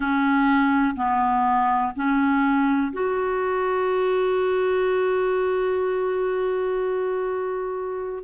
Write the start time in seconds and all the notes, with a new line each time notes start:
0.00 C#4
0.96 B3
1.95 C#4
2.93 F#4